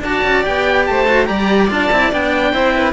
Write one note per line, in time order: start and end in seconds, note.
0.00 0.21 D4
0.00 0.43 F#4
0.00 0.87 D5
0.00 0.46 A5
0.24 0.45 C#4
0.43 0.89 B3
0.43 1.06 G4
0.43 0.86 G5
0.86 1.30 A3
0.86 1.28 C5
0.86 1.27 A5
1.07 1.26 F#4
1.26 1.71 G3
1.26 1.68 G4
1.26 2.53 D5
1.26 1.69 A#5
1.69 1.91 D4
1.69 1.90 F4
1.69 2.14 A5
1.91 2.12 C4
1.91 2.12 E4
2.12 2.53 B3
2.12 2.53 D4
2.12 2.93 G5
2.53 2.93 C4
2.53 2.93 E4
2.53 2.74 C5
2.74 2.93 B4